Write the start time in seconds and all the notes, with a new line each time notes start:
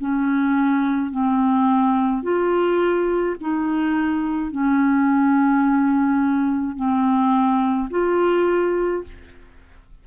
0.00 C#4
1.11 C4
2.22 F4
3.41 D#4
4.51 C#4
6.76 C4
7.90 F4